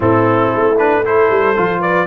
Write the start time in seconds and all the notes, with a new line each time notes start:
0.00 A2 C4 E4 A4
0.53 A3
0.78 D4 B4
1.04 E4 A4 C5
1.29 G3
1.55 F3 F4
1.80 B4 D5